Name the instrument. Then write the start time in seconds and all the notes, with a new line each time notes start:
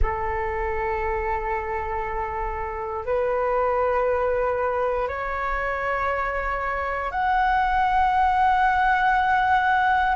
flute
0.01 A4
3.05 B4
5.08 C#5
7.11 F#5